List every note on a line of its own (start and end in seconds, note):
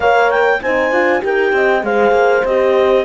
0.00 0.60 A#3
0.00 0.61 A#4
0.00 0.61 C#5
0.00 0.30 F5
0.30 0.61 G5
0.61 0.91 C4
0.61 0.92 D#4
0.61 1.23 C5
0.61 1.22 G#5
0.91 1.22 D4
0.91 1.20 F4
1.20 1.52 D#4
1.20 1.81 G4
1.20 1.54 A#4
1.20 1.84 G5
1.52 1.82 C4
1.52 1.85 D#5
1.82 2.11 G#3
1.82 2.43 G#4
1.82 3.04 C5
1.82 2.45 F5
2.11 2.42 A#3
2.44 3.04 C4
2.44 3.04 G4
2.44 3.04 D#5